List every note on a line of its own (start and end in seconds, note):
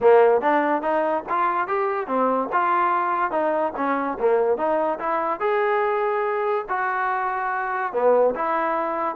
0.01 0.41 A#3
0.41 0.82 D4
0.82 1.23 D#4
1.29 1.67 F4
1.67 2.07 G4
2.07 2.48 C4
2.52 3.31 F4
3.31 3.73 D#4
3.76 4.18 C#4
4.19 4.57 A#3
4.57 4.98 D#4
4.99 5.40 E4
5.40 6.65 G#4
6.69 7.92 F#4
7.92 8.34 B3
8.35 9.15 E4